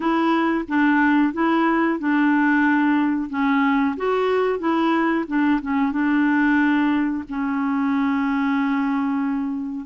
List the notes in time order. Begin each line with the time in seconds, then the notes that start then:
0.00 E4
0.67 D4
1.33 E4
1.99 D4
3.29 C#4
3.96 F#4
4.59 E4
5.27 D4
5.61 C#4
5.92 D4
7.29 C#4